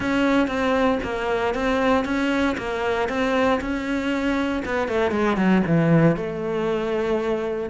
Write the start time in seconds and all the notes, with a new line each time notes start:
0.00 C#4
0.47 C4
1.03 A#3
1.54 C4
2.05 C#4
2.57 A#3
3.08 C4
3.60 C#4
4.65 B3
4.88 A3
5.11 G#3
5.36 F#3
5.66 E3
6.16 A3